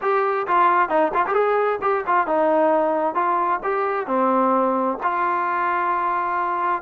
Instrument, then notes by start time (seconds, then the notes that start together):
trombone
0.01 G4
0.47 F4
0.89 D#4
1.14 F4
1.26 G4
1.33 G#4
1.81 G4
2.07 F4
2.26 D#4
3.14 F4
3.63 G4
4.07 C4
5.02 F4